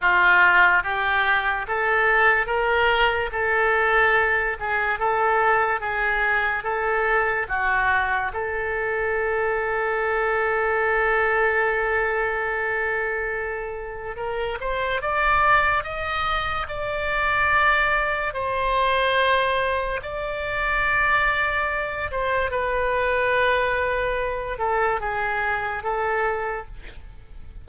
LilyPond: \new Staff \with { instrumentName = "oboe" } { \time 4/4 \tempo 4 = 72 f'4 g'4 a'4 ais'4 | a'4. gis'8 a'4 gis'4 | a'4 fis'4 a'2~ | a'1~ |
a'4 ais'8 c''8 d''4 dis''4 | d''2 c''2 | d''2~ d''8 c''8 b'4~ | b'4. a'8 gis'4 a'4 | }